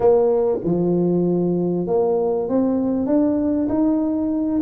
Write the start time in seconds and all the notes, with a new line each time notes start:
0.00 A#3
0.64 F3
1.86 A#3
2.49 C4
3.06 D4
3.68 D#4